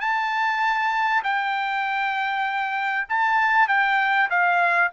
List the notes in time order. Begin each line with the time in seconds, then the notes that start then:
0.00 A5
1.23 G5
3.09 A5
3.68 G5
4.30 F5